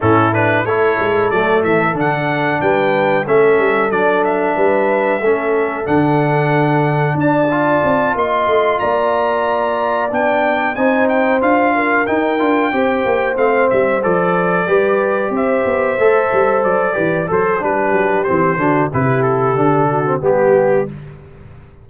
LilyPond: <<
  \new Staff \with { instrumentName = "trumpet" } { \time 4/4 \tempo 4 = 92 a'8 b'8 cis''4 d''8 e''8 fis''4 | g''4 e''4 d''8 e''4.~ | e''4 fis''2 a''4~ | a''8 c'''4 ais''2 g''8~ |
g''8 gis''8 g''8 f''4 g''4.~ | g''8 f''8 e''8 d''2 e''8~ | e''4. d''4 c''8 b'4 | c''4 b'8 a'4. g'4 | }
  \new Staff \with { instrumentName = "horn" } { \time 4/4 e'4 a'2. | b'4 a'2 b'4 | a'2. d''4~ | d''8 dis''4 d''2~ d''8~ |
d''8 c''4. ais'4. c''8~ | c''2~ c''8 b'4 c''8~ | c''2 b'8 a'8 g'4~ | g'8 fis'8 g'4. fis'8 g'4 | }
  \new Staff \with { instrumentName = "trombone" } { \time 4/4 cis'8 d'8 e'4 a4 d'4~ | d'4 cis'4 d'2 | cis'4 d'2~ d'8 f'8~ | f'2.~ f'8 d'8~ |
d'8 dis'4 f'4 dis'8 f'8 g'8~ | g'8 c'4 a'4 g'4.~ | g'8 a'4. g'8 a'8 d'4 | c'8 d'8 e'4 d'8. c'16 b4 | }
  \new Staff \with { instrumentName = "tuba" } { \time 4/4 a,4 a8 gis8 fis8 e8 d4 | g4 a8 g8 fis4 g4 | a4 d2 d'4 | c'8 ais8 a8 ais2 b8~ |
b8 c'4 d'4 dis'8 d'8 c'8 | ais8 a8 g8 f4 g4 c'8 | b8 a8 g8 fis8 e8 fis8 g8 fis8 | e8 d8 c4 d4 g4 | }
>>